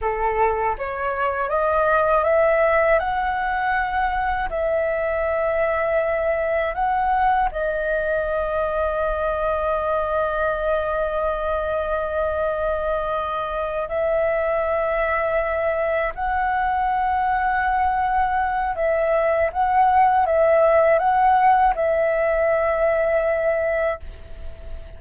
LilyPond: \new Staff \with { instrumentName = "flute" } { \time 4/4 \tempo 4 = 80 a'4 cis''4 dis''4 e''4 | fis''2 e''2~ | e''4 fis''4 dis''2~ | dis''1~ |
dis''2~ dis''8 e''4.~ | e''4. fis''2~ fis''8~ | fis''4 e''4 fis''4 e''4 | fis''4 e''2. | }